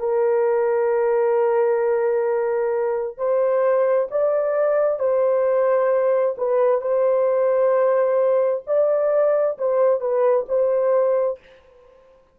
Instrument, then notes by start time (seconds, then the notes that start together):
horn
0.00 A#4
3.18 C5
4.12 D5
5.00 C5
6.38 B4
6.82 C5
8.67 D5
9.59 C5
10.01 B4
10.49 C5